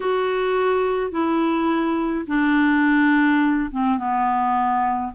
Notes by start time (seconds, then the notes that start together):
0.00 F#4
1.11 E4
2.27 D4
3.71 C4
3.97 B3